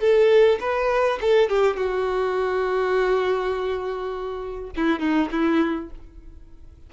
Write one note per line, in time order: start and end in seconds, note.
0.00 0.59 A4
0.60 1.19 B4
1.21 1.49 A4
1.49 1.76 G4
1.76 4.71 F#4
4.76 4.99 E4
4.99 5.29 D#4
5.31 5.90 E4